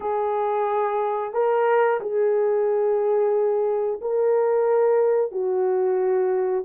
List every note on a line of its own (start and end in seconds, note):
0.00 1.33 G#4
1.33 1.99 A#4
2.00 4.00 G#4
4.01 5.31 A#4
5.31 6.65 F#4